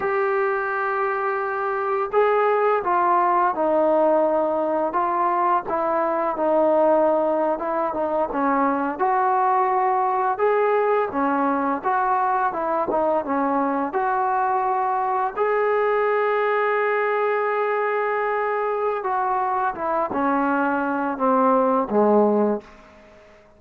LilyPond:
\new Staff \with { instrumentName = "trombone" } { \time 4/4 \tempo 4 = 85 g'2. gis'4 | f'4 dis'2 f'4 | e'4 dis'4.~ dis'16 e'8 dis'8 cis'16~ | cis'8. fis'2 gis'4 cis'16~ |
cis'8. fis'4 e'8 dis'8 cis'4 fis'16~ | fis'4.~ fis'16 gis'2~ gis'16~ | gis'2. fis'4 | e'8 cis'4. c'4 gis4 | }